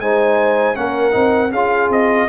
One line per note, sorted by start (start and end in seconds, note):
0.00 0.76 G#3
0.00 0.75 D#4
0.00 0.77 C5
0.00 0.76 G#5
0.75 1.15 A#3
0.75 1.11 C#4
0.75 1.52 A#4
0.75 1.52 F#5
1.11 1.52 C4
1.11 1.49 D#4
1.52 1.90 C#4
1.52 2.29 F4
1.52 2.28 G#4
1.52 1.91 F5
1.90 2.28 C4
1.90 2.29 D#5